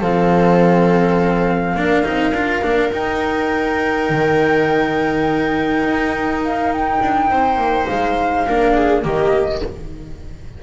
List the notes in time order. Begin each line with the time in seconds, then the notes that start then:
0.00 F3 C4 A4 F5
1.75 A#3 D4 A#4
2.04 C4 D#4
2.32 D4 F4
2.62 A#3 D4
2.92 D#4 G5
4.09 D#3
5.83 D#4
6.44 F5
6.73 G5
7.02 D4
7.29 C4 C5
7.56 A#3
7.86 G#3 F5
8.48 A#3 D4 A#4
8.74 G#4
9.03 D#3 A#3 G4 D#5